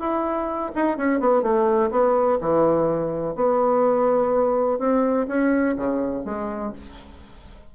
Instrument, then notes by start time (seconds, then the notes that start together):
bassoon
0.00 E4
0.75 D#4
0.98 C#4
1.20 B3
1.43 A3
1.91 B3
2.41 E3
3.35 B3
4.79 C4
5.28 C#4
5.77 C#3
6.25 G#3